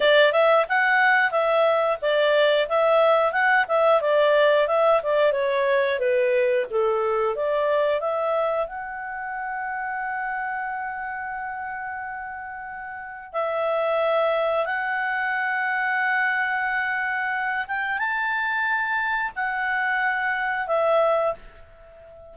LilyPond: \new Staff \with { instrumentName = "clarinet" } { \time 4/4 \tempo 4 = 90 d''8 e''8 fis''4 e''4 d''4 | e''4 fis''8 e''8 d''4 e''8 d''8 | cis''4 b'4 a'4 d''4 | e''4 fis''2.~ |
fis''1 | e''2 fis''2~ | fis''2~ fis''8 g''8 a''4~ | a''4 fis''2 e''4 | }